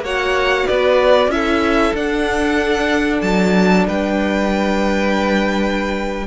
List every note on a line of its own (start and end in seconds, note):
0.00 0.64 A#3
0.00 1.31 F#4
0.00 0.67 C#5
0.00 0.67 F#5
0.67 1.28 B3
0.67 1.31 B4
0.67 1.31 D5
1.28 1.91 C#4
1.28 1.94 E4
1.28 1.95 E5
1.34 3.87 A4
1.94 3.22 D4
1.94 6.25 D4
1.94 3.21 F#5
3.21 3.86 F#3
3.21 3.85 A5
3.87 6.27 G3
3.87 6.26 B4
3.87 6.27 G5